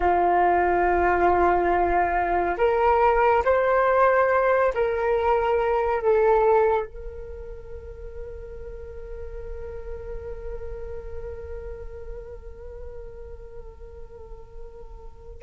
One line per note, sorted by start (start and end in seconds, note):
0.00 2.56 F4
2.57 3.43 A#4
3.44 4.73 C5
4.74 6.02 A#4
6.02 6.85 A4
6.85 15.42 A#4